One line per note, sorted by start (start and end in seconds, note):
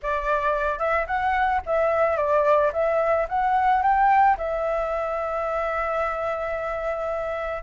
0.02 0.78 D5
0.78 1.06 E5
1.06 1.61 F#5
1.66 2.17 E5
2.17 2.71 D5
2.72 3.27 E5
3.29 3.82 F#5
3.82 4.36 G5
4.37 7.62 E5